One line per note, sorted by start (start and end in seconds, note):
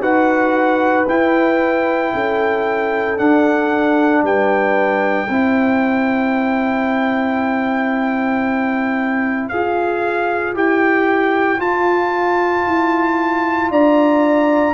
0.00 1.05 D#4
0.00 1.07 F#4
0.00 2.13 B4
0.00 1.07 F#5
1.08 3.17 E4
1.08 2.14 E4
1.08 3.18 G5
2.14 3.19 C#4
2.14 4.24 A4
3.17 5.28 D4
3.17 4.23 D4
3.17 4.24 F#5
4.23 5.28 G3
4.23 5.30 B4
4.23 9.49 G5
5.29 9.50 C4
5.29 9.52 E4
5.29 13.71 C5
9.49 10.55 F4
9.49 10.55 G#4
9.49 10.54 F5
10.55 11.60 E4
10.55 11.59 G4
10.55 11.61 G5
11.59 14.75 F4
11.59 12.66 F4
11.59 13.71 A5
12.67 13.71 E4
13.71 14.75 D4
13.71 14.75 D5
13.71 14.75 A#5